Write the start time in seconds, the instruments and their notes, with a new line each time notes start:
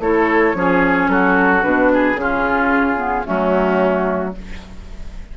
0.00 bassoon A3, clarinet E4, oboe A4, flute C#5
0.55 bassoon F3, clarinet C#4, oboe G#4
1.09 bassoon F#3, oboe F#4, flute A4
1.62 bassoon B2, clarinet D4, flute B4
1.94 oboe G#4
2.15 bassoon C#3, clarinet C#4, flute G#4
2.21 oboe F4
2.97 clarinet B3
3.25 bassoon F#3, clarinet A3, oboe C#4, flute F#4